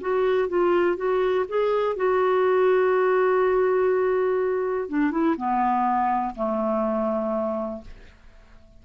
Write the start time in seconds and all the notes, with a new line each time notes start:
0.00 F#4
0.48 F4
0.96 F#4
1.48 G#4
1.96 F#4
4.88 D4
5.11 E4
5.37 B3
6.35 A3